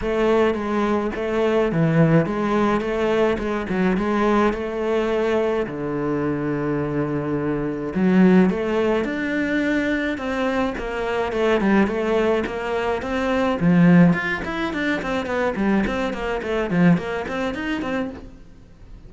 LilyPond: \new Staff \with { instrumentName = "cello" } { \time 4/4 \tempo 4 = 106 a4 gis4 a4 e4 | gis4 a4 gis8 fis8 gis4 | a2 d2~ | d2 fis4 a4 |
d'2 c'4 ais4 | a8 g8 a4 ais4 c'4 | f4 f'8 e'8 d'8 c'8 b8 g8 | c'8 ais8 a8 f8 ais8 c'8 dis'8 c'8 | }